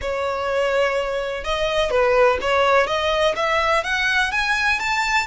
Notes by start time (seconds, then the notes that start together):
0.01 C#5
1.44 D#5
1.90 B4
2.41 C#5
2.86 D#5
3.36 E5
3.83 F#5
4.31 G#5
4.79 A5